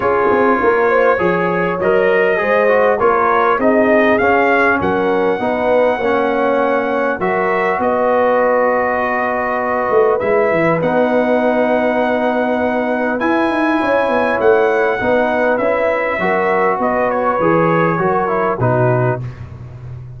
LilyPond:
<<
  \new Staff \with { instrumentName = "trumpet" } { \time 4/4 \tempo 4 = 100 cis''2. dis''4~ | dis''4 cis''4 dis''4 f''4 | fis''1 | e''4 dis''2.~ |
dis''4 e''4 fis''2~ | fis''2 gis''2 | fis''2 e''2 | dis''8 cis''2~ cis''8 b'4 | }
  \new Staff \with { instrumentName = "horn" } { \time 4/4 gis'4 ais'8 c''8 cis''2 | c''4 ais'4 gis'2 | ais'4 b'4 cis''2 | ais'4 b'2.~ |
b'1~ | b'2. cis''4~ | cis''4 b'2 ais'4 | b'2 ais'4 fis'4 | }
  \new Staff \with { instrumentName = "trombone" } { \time 4/4 f'2 gis'4 ais'4 | gis'8 fis'8 f'4 dis'4 cis'4~ | cis'4 dis'4 cis'2 | fis'1~ |
fis'4 e'4 dis'2~ | dis'2 e'2~ | e'4 dis'4 e'4 fis'4~ | fis'4 gis'4 fis'8 e'8 dis'4 | }
  \new Staff \with { instrumentName = "tuba" } { \time 4/4 cis'8 c'8 ais4 f4 fis4 | gis4 ais4 c'4 cis'4 | fis4 b4 ais2 | fis4 b2.~ |
b8 a8 gis8 e8 b2~ | b2 e'8 dis'8 cis'8 b8 | a4 b4 cis'4 fis4 | b4 e4 fis4 b,4 | }
>>